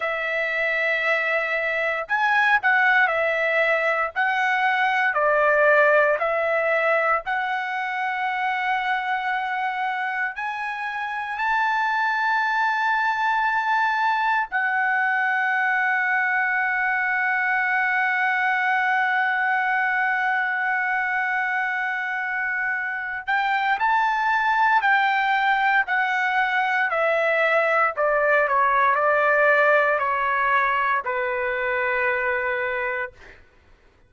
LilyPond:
\new Staff \with { instrumentName = "trumpet" } { \time 4/4 \tempo 4 = 58 e''2 gis''8 fis''8 e''4 | fis''4 d''4 e''4 fis''4~ | fis''2 gis''4 a''4~ | a''2 fis''2~ |
fis''1~ | fis''2~ fis''8 g''8 a''4 | g''4 fis''4 e''4 d''8 cis''8 | d''4 cis''4 b'2 | }